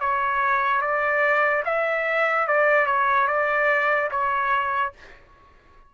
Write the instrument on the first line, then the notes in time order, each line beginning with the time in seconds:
trumpet
0.00 C#5
0.81 D5
1.65 E5
2.47 D5
2.86 C#5
3.27 D5
4.11 C#5